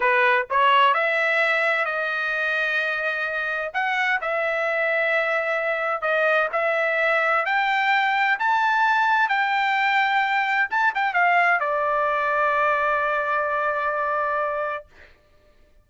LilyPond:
\new Staff \with { instrumentName = "trumpet" } { \time 4/4 \tempo 4 = 129 b'4 cis''4 e''2 | dis''1 | fis''4 e''2.~ | e''4 dis''4 e''2 |
g''2 a''2 | g''2. a''8 g''8 | f''4 d''2.~ | d''1 | }